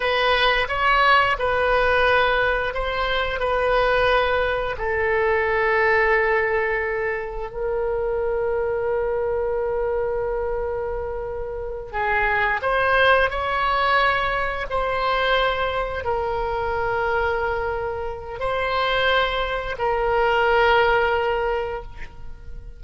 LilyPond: \new Staff \with { instrumentName = "oboe" } { \time 4/4 \tempo 4 = 88 b'4 cis''4 b'2 | c''4 b'2 a'4~ | a'2. ais'4~ | ais'1~ |
ais'4. gis'4 c''4 cis''8~ | cis''4. c''2 ais'8~ | ais'2. c''4~ | c''4 ais'2. | }